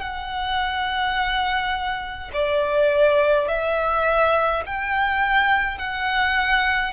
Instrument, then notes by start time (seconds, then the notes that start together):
violin
0.00 F#5
2.33 D5
3.48 E5
4.66 G5
5.78 F#5